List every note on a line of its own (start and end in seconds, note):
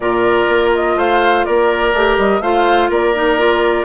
0.00 0.46 A#2
0.00 1.94 F4
0.00 0.97 A#4
0.00 0.71 D5
0.48 0.95 A#3
0.74 0.98 D#5
0.95 1.44 A3
0.95 1.46 C5
0.95 1.44 F5
1.44 1.93 A#3
1.44 2.41 A#4
1.44 2.17 D5
1.93 2.17 A3
1.93 2.41 G4
2.17 2.40 G3
2.17 2.41 D#5
2.40 2.88 A3
2.40 3.14 F4
2.40 2.89 C5
2.40 2.89 F5
2.89 3.84 A#3
2.89 3.84 A#4
2.89 3.84 D5
3.14 3.38 D#4
3.38 3.84 F4